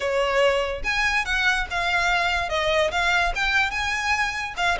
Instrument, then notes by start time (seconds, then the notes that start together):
violin
0.00 C#5
0.83 G#5
1.25 F#5
1.70 F5
2.49 D#5
2.91 F5
3.35 G5
3.70 G#5
4.57 F5